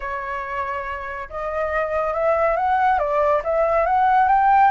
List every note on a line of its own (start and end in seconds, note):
0.00 1.28 C#5
1.29 2.13 D#5
2.13 2.56 E5
2.56 2.99 F#5
2.99 3.41 D5
3.44 3.86 E5
3.86 4.28 F#5
4.28 4.71 G5